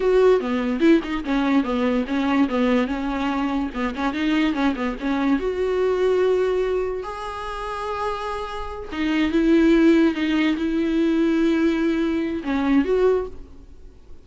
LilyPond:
\new Staff \with { instrumentName = "viola" } { \time 4/4 \tempo 4 = 145 fis'4 b4 e'8 dis'8 cis'4 | b4 cis'4 b4 cis'4~ | cis'4 b8 cis'8 dis'4 cis'8 b8 | cis'4 fis'2.~ |
fis'4 gis'2.~ | gis'4. dis'4 e'4.~ | e'8 dis'4 e'2~ e'8~ | e'2 cis'4 fis'4 | }